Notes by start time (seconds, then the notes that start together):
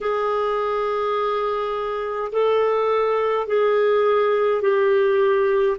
0.00 G#4
2.32 A4
3.47 G#4
4.62 G4